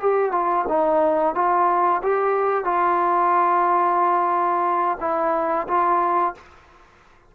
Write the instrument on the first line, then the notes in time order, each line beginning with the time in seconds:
trombone
0.00 G4
0.32 F4
0.69 D#4
1.35 F4
2.03 G4
2.65 F4
5.01 E4
5.68 F4